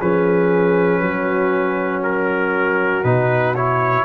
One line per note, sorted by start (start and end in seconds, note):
0.00 1.02 F3
0.00 3.04 C#4
0.00 1.01 G#4
0.00 2.03 B4
1.01 3.04 F#3
1.01 4.05 F#4
2.03 3.04 A#4
3.04 4.05 B2
3.04 3.55 D#4
3.04 3.55 B4
3.55 4.05 E4
3.55 4.05 C#5